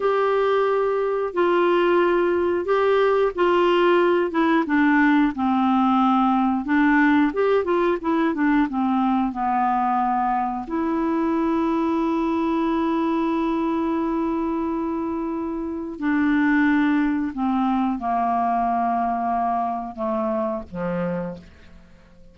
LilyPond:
\new Staff \with { instrumentName = "clarinet" } { \time 4/4 \tempo 4 = 90 g'2 f'2 | g'4 f'4. e'8 d'4 | c'2 d'4 g'8 f'8 | e'8 d'8 c'4 b2 |
e'1~ | e'1 | d'2 c'4 ais4~ | ais2 a4 f4 | }